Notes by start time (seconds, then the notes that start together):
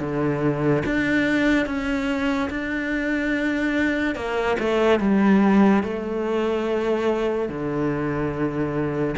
0.00 D3
0.86 D4
1.66 C#4
2.50 D4
4.15 A#3
4.59 A3
5.00 G3
5.83 A3
7.48 D3